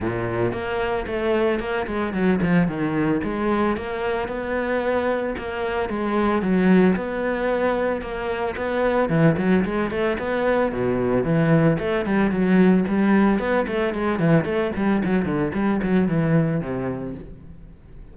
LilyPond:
\new Staff \with { instrumentName = "cello" } { \time 4/4 \tempo 4 = 112 ais,4 ais4 a4 ais8 gis8 | fis8 f8 dis4 gis4 ais4 | b2 ais4 gis4 | fis4 b2 ais4 |
b4 e8 fis8 gis8 a8 b4 | b,4 e4 a8 g8 fis4 | g4 b8 a8 gis8 e8 a8 g8 | fis8 d8 g8 fis8 e4 c4 | }